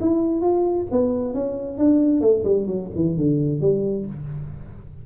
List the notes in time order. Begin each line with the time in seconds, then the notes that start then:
0.00 E4
0.41 F4
0.91 B3
1.34 C#4
1.78 D4
2.21 A3
2.44 G3
2.67 F#3
2.95 E3
3.17 D3
3.60 G3